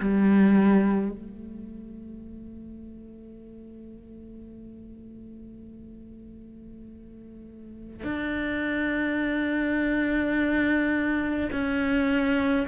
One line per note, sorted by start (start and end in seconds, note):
0.00 1.12 G3
1.12 8.04 A3
8.04 11.50 D4
11.52 12.68 C#4